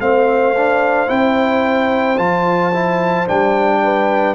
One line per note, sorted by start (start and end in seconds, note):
0.00 1.09 A3
0.00 0.55 C4
0.00 3.84 C5
0.00 1.10 F5
0.57 1.07 D4
1.07 2.18 C4
1.07 2.16 E4
1.07 2.18 G5
2.18 3.27 F3
2.18 2.72 F4
2.18 3.27 A5
2.74 3.27 E4
3.27 4.35 G3
3.27 4.35 D4
3.27 4.35 G5
3.84 4.35 B4